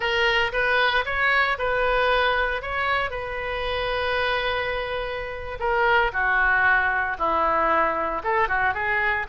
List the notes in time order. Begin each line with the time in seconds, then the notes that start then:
0.00 A#4
0.52 B4
1.05 C#5
1.58 B4
2.62 C#5
3.10 B4
5.59 A#4
6.12 F#4
7.18 E4
8.23 A4
8.48 F#4
8.74 G#4